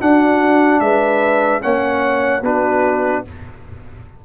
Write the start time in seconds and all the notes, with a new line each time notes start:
0.00 D4 F#4 F#5
0.80 G#3 B4 E5
1.61 A#3 C#4 C#5 F#5
2.42 B3 D4 F#4 B4